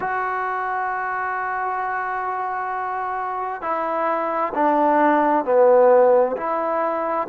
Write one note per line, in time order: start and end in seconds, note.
0.00 3.61 F#4
3.61 4.52 E4
4.54 5.45 D4
5.45 6.36 B3
6.36 7.27 E4